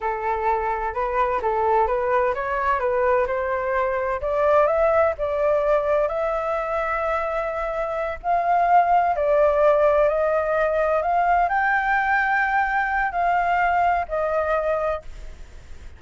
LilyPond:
\new Staff \with { instrumentName = "flute" } { \time 4/4 \tempo 4 = 128 a'2 b'4 a'4 | b'4 cis''4 b'4 c''4~ | c''4 d''4 e''4 d''4~ | d''4 e''2.~ |
e''4. f''2 d''8~ | d''4. dis''2 f''8~ | f''8 g''2.~ g''8 | f''2 dis''2 | }